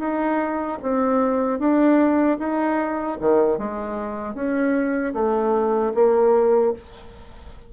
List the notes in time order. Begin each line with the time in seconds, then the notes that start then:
0.00 D#4
0.83 C4
1.60 D4
2.39 D#4
3.21 D#3
3.58 G#3
4.35 C#4
5.14 A3
5.95 A#3